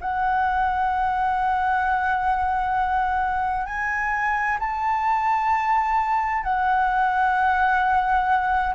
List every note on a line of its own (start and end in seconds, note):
0.00 3.65 F#5
3.65 4.58 G#5
4.59 6.43 A5
6.43 8.74 F#5